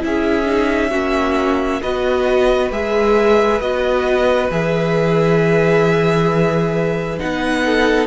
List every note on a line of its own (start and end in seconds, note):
0.00 0.92 C#4
0.00 0.45 E4
0.00 0.90 G#4
0.00 1.82 E5
0.45 0.90 D#4
0.90 1.82 A#3
0.90 1.81 C#4
0.90 1.80 F#4
1.82 2.71 B3
1.82 2.71 F#4
1.82 7.64 B4
1.82 2.71 D#5
2.71 3.60 G#3
2.71 3.61 G#4
2.71 3.61 E5
3.60 4.50 B3
3.60 4.51 F#4
3.60 4.50 D#5
4.50 7.19 E3
4.50 7.18 G#4
4.50 7.19 E5
7.18 8.07 B3
7.18 8.07 D#4
7.18 8.07 F#5
7.65 8.07 A4